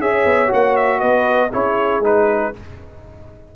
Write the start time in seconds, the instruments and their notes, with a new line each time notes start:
0.00 tuba C#4, trombone G#4, horn C#5, trumpet E5
0.26 tuba B3
0.48 tuba A#3, trombone F#4, trumpet F#5
0.77 trumpet E5
1.00 tuba B3, horn B4, trumpet D#5
1.51 tuba C#4, trombone E4, horn G#4, trumpet C#5
2.01 tuba G#3, trombone D#4, trumpet B4